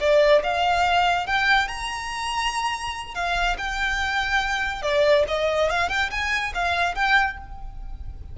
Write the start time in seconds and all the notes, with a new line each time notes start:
0.00 D5
0.43 F5
1.26 G5
1.68 A#5
3.14 F5
3.57 G5
4.82 D5
5.28 D#5
5.69 F5
5.89 G5
6.11 G#5
6.54 F5
6.95 G5